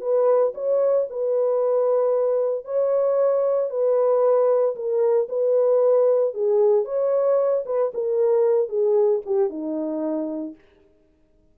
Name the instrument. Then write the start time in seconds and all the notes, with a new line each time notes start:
horn
0.00 B4
0.54 C#5
1.10 B4
2.64 C#5
3.70 B4
4.75 A#4
5.28 B4
6.34 G#4
6.84 C#5
7.66 B4
7.94 A#4
8.69 G#4
9.25 G4
9.49 D#4